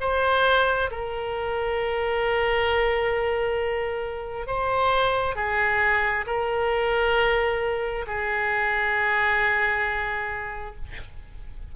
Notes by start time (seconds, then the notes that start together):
0.00 C5
0.90 A#4
4.47 C5
5.35 G#4
6.26 A#4
8.07 G#4